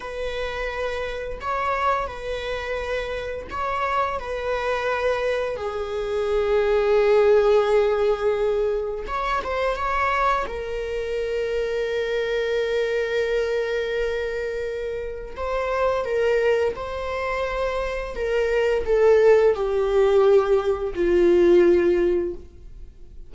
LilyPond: \new Staff \with { instrumentName = "viola" } { \time 4/4 \tempo 4 = 86 b'2 cis''4 b'4~ | b'4 cis''4 b'2 | gis'1~ | gis'4 cis''8 c''8 cis''4 ais'4~ |
ais'1~ | ais'2 c''4 ais'4 | c''2 ais'4 a'4 | g'2 f'2 | }